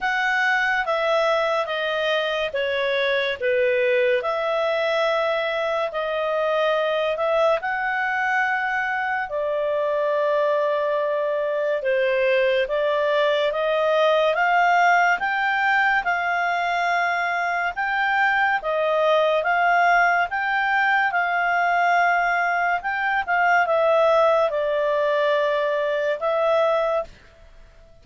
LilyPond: \new Staff \with { instrumentName = "clarinet" } { \time 4/4 \tempo 4 = 71 fis''4 e''4 dis''4 cis''4 | b'4 e''2 dis''4~ | dis''8 e''8 fis''2 d''4~ | d''2 c''4 d''4 |
dis''4 f''4 g''4 f''4~ | f''4 g''4 dis''4 f''4 | g''4 f''2 g''8 f''8 | e''4 d''2 e''4 | }